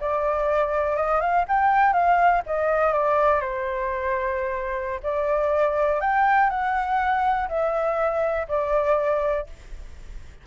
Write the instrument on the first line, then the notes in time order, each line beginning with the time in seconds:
flute
0.00 D5
0.96 D#5
1.20 F5
1.48 G5
1.93 F5
2.46 D#5
2.93 D5
3.40 C5
5.03 D5
6.00 G5
6.50 F#5
7.49 E5
8.48 D5